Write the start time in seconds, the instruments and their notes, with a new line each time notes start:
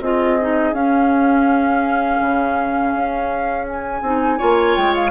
0.00 bassoon C4, clarinet F4, oboe G#4, flute D#5
0.40 clarinet D#4
0.72 bassoon C#4, clarinet C#4, flute F5
2.20 bassoon C#3
2.94 bassoon C#4
3.68 flute G#5
4.02 bassoon C4, clarinet D#4
4.37 bassoon A#3, clarinet F4, oboe C#5
4.76 bassoon G#3, flute G5
4.95 flute F5